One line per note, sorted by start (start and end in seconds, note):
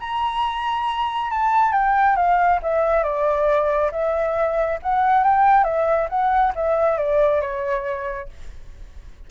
0.00 1.31 A#5
1.31 1.73 A5
1.73 2.16 G5
2.16 2.60 F5
2.63 3.03 E5
3.03 3.91 D5
3.92 4.79 E5
4.83 5.24 F#5
5.24 5.64 G5
5.64 6.08 E5
6.09 6.53 F#5
6.55 6.98 E5
6.98 7.41 D5
7.41 8.29 C#5